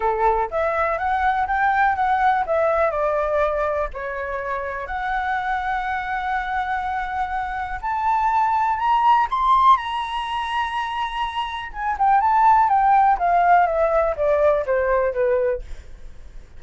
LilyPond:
\new Staff \with { instrumentName = "flute" } { \time 4/4 \tempo 4 = 123 a'4 e''4 fis''4 g''4 | fis''4 e''4 d''2 | cis''2 fis''2~ | fis''1 |
a''2 ais''4 c'''4 | ais''1 | gis''8 g''8 a''4 g''4 f''4 | e''4 d''4 c''4 b'4 | }